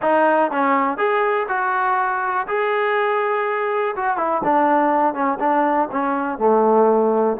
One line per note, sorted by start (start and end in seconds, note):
0.02 0.51 D#4
0.51 0.97 C#4
0.97 1.46 G#4
1.48 2.46 F#4
2.47 3.95 G#4
3.96 4.17 F#4
4.17 4.41 E4
4.44 5.13 D4
5.13 5.38 C#4
5.39 5.88 D4
5.91 6.38 C#4
6.38 7.36 A3